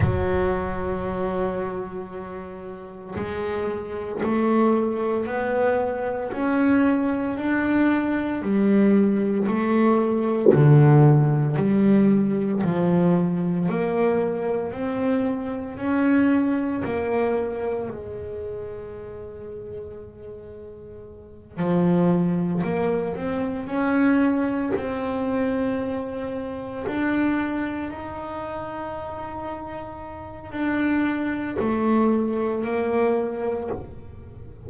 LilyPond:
\new Staff \with { instrumentName = "double bass" } { \time 4/4 \tempo 4 = 57 fis2. gis4 | a4 b4 cis'4 d'4 | g4 a4 d4 g4 | f4 ais4 c'4 cis'4 |
ais4 gis2.~ | gis8 f4 ais8 c'8 cis'4 c'8~ | c'4. d'4 dis'4.~ | dis'4 d'4 a4 ais4 | }